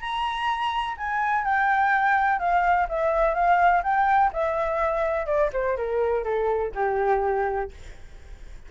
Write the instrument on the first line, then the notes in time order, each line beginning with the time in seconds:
flute
0.00 A#5
0.97 G#5
1.44 G5
2.39 F5
2.88 E5
3.34 F5
3.83 G5
4.32 E5
5.26 D5
5.52 C5
5.76 A#4
6.24 A4
6.75 G4